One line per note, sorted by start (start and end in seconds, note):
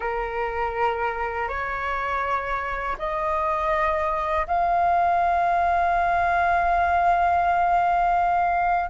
0.00 1.48 A#4
1.48 2.96 C#5
2.98 4.46 D#5
4.47 8.89 F5